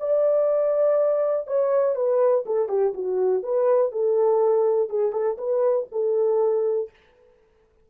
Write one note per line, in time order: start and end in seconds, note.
0.00 1.47 D5
1.47 1.95 C#5
1.95 2.45 B4
2.46 2.69 A4
2.69 2.93 G4
2.94 3.43 F#4
3.43 3.92 B4
3.92 4.90 A4
4.90 5.12 G#4
5.12 5.37 A4
5.38 5.87 B4
5.92 6.90 A4